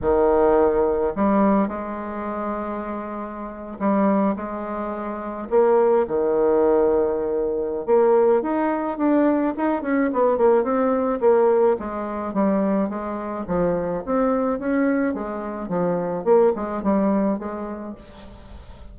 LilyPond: \new Staff \with { instrumentName = "bassoon" } { \time 4/4 \tempo 4 = 107 dis2 g4 gis4~ | gis2~ gis8. g4 gis16~ | gis4.~ gis16 ais4 dis4~ dis16~ | dis2 ais4 dis'4 |
d'4 dis'8 cis'8 b8 ais8 c'4 | ais4 gis4 g4 gis4 | f4 c'4 cis'4 gis4 | f4 ais8 gis8 g4 gis4 | }